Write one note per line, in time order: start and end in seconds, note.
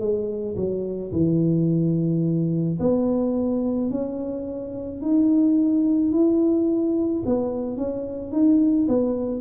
0.00 0.56 G#3
0.56 1.11 F#3
1.12 2.78 E3
2.79 3.90 B3
3.90 5.02 C#4
5.02 6.12 D#4
6.12 7.23 E4
7.25 7.77 B3
7.77 8.31 C#4
8.31 8.87 D#4
8.88 9.40 B3